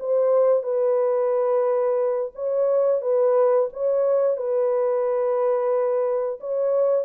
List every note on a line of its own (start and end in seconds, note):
0.00 0.63 C5
0.63 2.32 B4
2.35 3.02 C#5
3.02 3.69 B4
3.73 4.37 C#5
4.37 6.40 B4
6.40 7.05 C#5